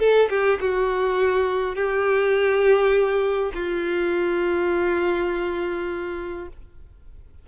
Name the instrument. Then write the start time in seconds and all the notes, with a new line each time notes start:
violin
0.00 A4
0.30 G4
0.61 F#4
1.76 G4
3.55 F4